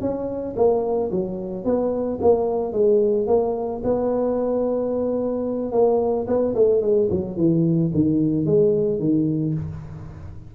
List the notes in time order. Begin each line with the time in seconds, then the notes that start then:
0.00 C#4
0.56 A#3
1.11 F#3
1.64 B3
2.21 A#3
2.72 G#3
3.27 A#3
3.83 B3
5.71 A#3
6.27 B3
6.55 A3
6.81 G#3
7.10 F#3
7.36 E3
7.94 D#3
8.45 G#3
8.99 D#3